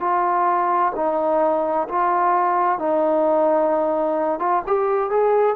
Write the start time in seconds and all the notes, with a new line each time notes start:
0.00 F4
0.95 D#4
1.89 F4
2.79 D#4
4.39 F4
4.67 G4
5.10 G#4